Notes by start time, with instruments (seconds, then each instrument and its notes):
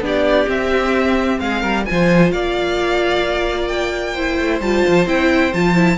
0.00 cello B3, viola D4, violin G4
0.06 violin D5
0.47 viola C4, cello C4, violin E5
1.39 cello G#3, violin G#4 F5
1.61 cello G3, violin A#4
1.85 cello F3, viola F4, violin C5 G#5
2.31 cello A#3, violin D5 F5
3.68 violin G5
4.13 viola E4, violin C5
4.38 cello A3
4.60 cello G3, viola F4, violin A5
4.88 cello F3
5.06 cello C4, viola E4, violin G5
5.53 cello F3, viola F4, violin A5
5.75 viola E4